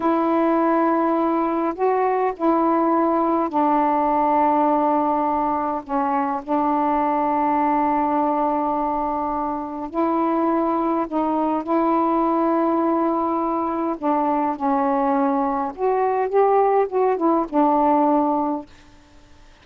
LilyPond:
\new Staff \with { instrumentName = "saxophone" } { \time 4/4 \tempo 4 = 103 e'2. fis'4 | e'2 d'2~ | d'2 cis'4 d'4~ | d'1~ |
d'4 e'2 dis'4 | e'1 | d'4 cis'2 fis'4 | g'4 fis'8 e'8 d'2 | }